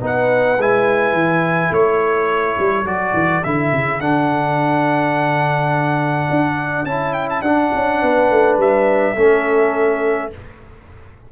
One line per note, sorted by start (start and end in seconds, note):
0.00 0.57 B3
0.00 0.57 D#4
0.00 1.73 B4
0.00 0.61 F#5
0.57 1.13 G#3
0.57 2.85 E4
0.57 1.73 G#5
1.13 1.70 E3
1.70 2.56 A3
1.70 8.01 A4
1.70 2.86 C#5
2.59 2.84 G3
2.84 3.12 F#3
2.84 3.42 F#4
2.84 3.43 D5
3.13 3.42 E3
3.43 3.72 D3
3.43 4.01 E4
3.43 4.00 E5
3.72 4.00 C#3
4.00 6.29 D3
4.00 6.87 D4
4.00 6.85 F#5
6.30 6.85 D4
6.85 7.42 C#4
6.85 7.44 E4
6.85 7.13 A5
7.13 7.28 G5
7.30 7.42 A5
7.42 7.70 D4
7.42 9.16 D4
7.42 8.56 F#5
7.74 8.02 C#4
8.01 8.30 B3
8.01 9.15 B4
8.30 8.58 A3
8.58 9.15 G3
8.58 10.32 E5
9.15 10.31 A3
9.15 10.30 C#4
9.15 10.29 A4